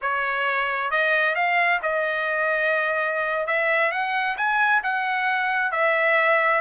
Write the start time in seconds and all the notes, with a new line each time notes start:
0.01 C#5
0.90 D#5
1.35 F5
1.82 D#5
3.46 E5
3.91 F#5
4.37 G#5
4.83 F#5
5.71 E5